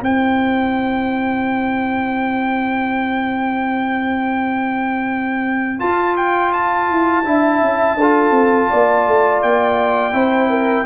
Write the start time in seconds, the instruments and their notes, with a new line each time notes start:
0.00 tuba C4, trombone E4, horn C5, trumpet G5
5.79 trombone F4, tuba F4, trumpet A5
6.17 trumpet G5
6.53 trumpet A5
6.90 tuba E4
7.25 tuba D4, trombone E4, horn E5
7.62 tuba C#4
7.95 tuba D4, horn A4
8.02 trombone F4
8.31 tuba C4
8.70 tuba A#3, horn D5
9.07 tuba A3
9.42 tuba A#3, trumpet G5
10.12 tuba C4, trombone E4, horn C5
10.50 horn A#4